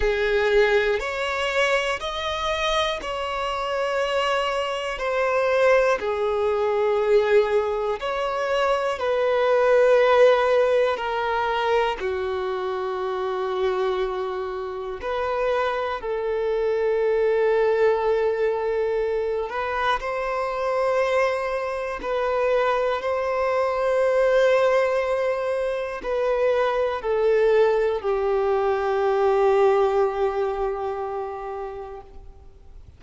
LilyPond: \new Staff \with { instrumentName = "violin" } { \time 4/4 \tempo 4 = 60 gis'4 cis''4 dis''4 cis''4~ | cis''4 c''4 gis'2 | cis''4 b'2 ais'4 | fis'2. b'4 |
a'2.~ a'8 b'8 | c''2 b'4 c''4~ | c''2 b'4 a'4 | g'1 | }